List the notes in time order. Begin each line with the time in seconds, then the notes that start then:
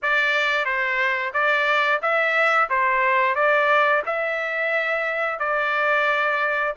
0.02 D5
0.65 C5
1.33 D5
2.02 E5
2.69 C5
3.35 D5
4.05 E5
5.39 D5